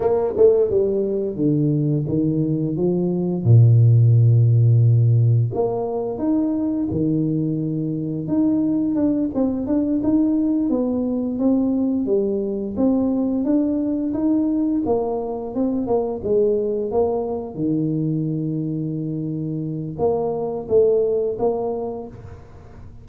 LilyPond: \new Staff \with { instrumentName = "tuba" } { \time 4/4 \tempo 4 = 87 ais8 a8 g4 d4 dis4 | f4 ais,2. | ais4 dis'4 dis2 | dis'4 d'8 c'8 d'8 dis'4 b8~ |
b8 c'4 g4 c'4 d'8~ | d'8 dis'4 ais4 c'8 ais8 gis8~ | gis8 ais4 dis2~ dis8~ | dis4 ais4 a4 ais4 | }